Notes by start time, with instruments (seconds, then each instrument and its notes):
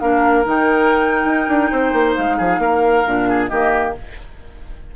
0.00 bassoon A#3, clarinet D4, oboe A#4, flute F5
0.44 bassoon D#3, clarinet D#4, flute G5
1.25 bassoon D#4
1.48 bassoon D4
1.71 bassoon C4, oboe C5
1.93 bassoon A#3
2.14 bassoon G#3, flute F5
2.37 bassoon F3, oboe G#4
2.58 bassoon A#3, oboe A#4
3.06 bassoon A#2, clarinet D4
3.29 oboe G#4
3.47 bassoon D#3, clarinet A#3, oboe G4, flute D#5